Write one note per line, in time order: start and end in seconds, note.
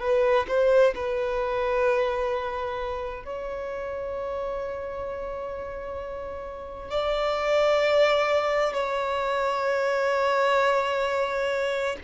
0.00 0.46 B4
0.48 0.94 C5
0.95 3.24 B4
3.24 6.90 C#5
6.90 8.73 D5
8.73 11.96 C#5